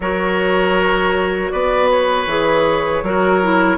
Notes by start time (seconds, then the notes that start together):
0.00 F#3 F#4 A#4 C#5
1.50 B3 B4 D5
1.91 C#5
2.26 E3 G#4
3.02 F#3 F#4 A#4
3.42 E4